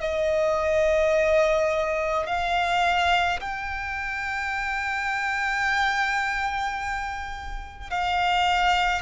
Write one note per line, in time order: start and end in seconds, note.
0.00 2.26 D#5
2.26 3.40 F5
3.40 7.90 G5
7.90 9.02 F5